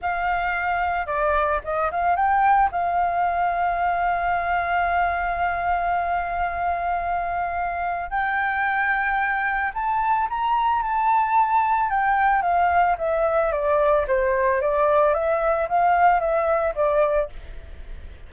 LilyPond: \new Staff \with { instrumentName = "flute" } { \time 4/4 \tempo 4 = 111 f''2 d''4 dis''8 f''8 | g''4 f''2.~ | f''1~ | f''2. g''4~ |
g''2 a''4 ais''4 | a''2 g''4 f''4 | e''4 d''4 c''4 d''4 | e''4 f''4 e''4 d''4 | }